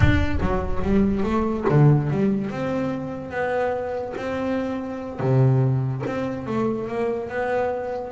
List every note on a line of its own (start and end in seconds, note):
0.00 0.39 D4
0.40 0.82 F#3
0.83 1.23 G3
1.23 1.64 A3
1.69 2.10 D3
2.10 2.50 G3
2.50 3.30 C4
3.30 4.14 B3
4.16 5.19 C4
5.19 6.02 C3
6.06 6.46 C4
6.46 6.88 A3
6.88 7.29 A#3
7.29 8.12 B3